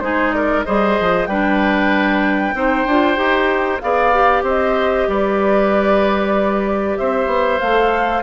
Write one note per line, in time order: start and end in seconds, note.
0.00 0.64 G#3
0.00 0.65 D#4
0.00 0.35 G#4
0.00 0.32 C5
0.32 0.66 A#4
0.32 0.64 D5
0.64 0.99 G3
0.64 1.29 G#4
0.64 1.29 C5
0.64 1.26 D#5
1.00 1.27 F3
1.26 2.54 G3
1.26 2.55 D4
1.26 2.55 B4
1.26 3.79 G5
2.54 2.85 C4
2.54 2.87 D#4
2.54 3.82 C5
2.86 3.18 D4
2.86 3.16 F4
3.16 3.81 D#4
3.16 3.79 G4
3.80 4.43 B3
3.80 4.13 G#4
3.80 4.44 D5
3.80 4.43 F5
4.14 7.61 G4
4.43 5.06 C4
4.43 5.07 C5
4.43 5.09 D#5
5.08 6.97 G3
5.08 6.99 B4
5.08 6.98 D5
6.98 7.27 C4
6.98 8.23 C5
6.98 7.59 E5
7.27 7.58 B3
7.59 8.23 A3
7.59 8.23 A4
7.59 8.22 F5